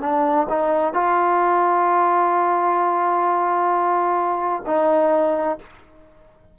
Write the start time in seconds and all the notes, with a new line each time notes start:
0.00 D4
0.49 D#4
0.93 F4
4.66 D#4